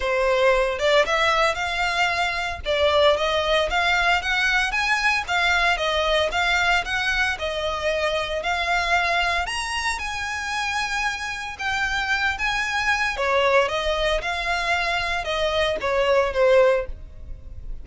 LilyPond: \new Staff \with { instrumentName = "violin" } { \time 4/4 \tempo 4 = 114 c''4. d''8 e''4 f''4~ | f''4 d''4 dis''4 f''4 | fis''4 gis''4 f''4 dis''4 | f''4 fis''4 dis''2 |
f''2 ais''4 gis''4~ | gis''2 g''4. gis''8~ | gis''4 cis''4 dis''4 f''4~ | f''4 dis''4 cis''4 c''4 | }